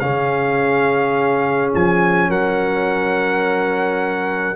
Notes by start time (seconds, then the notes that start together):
0.00 C#3 C#4 G#4 F5
1.75 F3 G#5
2.29 F#3 A#4 F#5